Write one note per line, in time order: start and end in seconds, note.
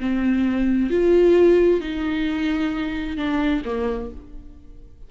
0.00 0.91 C4
0.91 1.81 F4
1.81 3.17 D#4
3.17 3.63 D4
3.65 4.11 A#3